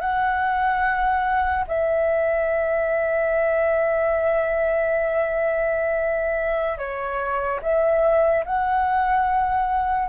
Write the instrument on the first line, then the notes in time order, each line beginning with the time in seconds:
flute
0.00 F#5
1.67 E5
6.78 C#5
7.62 E5
8.45 F#5